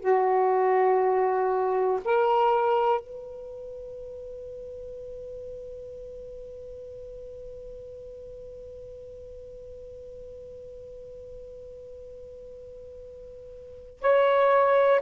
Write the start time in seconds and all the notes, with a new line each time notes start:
0.00 F#4
2.05 A#4
3.00 B4
14.01 C#5